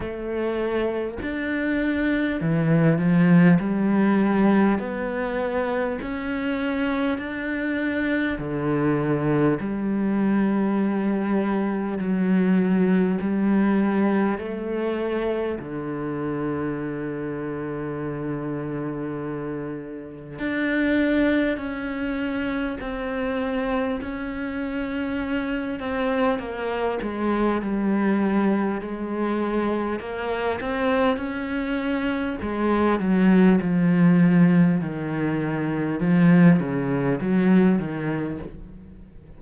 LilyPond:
\new Staff \with { instrumentName = "cello" } { \time 4/4 \tempo 4 = 50 a4 d'4 e8 f8 g4 | b4 cis'4 d'4 d4 | g2 fis4 g4 | a4 d2.~ |
d4 d'4 cis'4 c'4 | cis'4. c'8 ais8 gis8 g4 | gis4 ais8 c'8 cis'4 gis8 fis8 | f4 dis4 f8 cis8 fis8 dis8 | }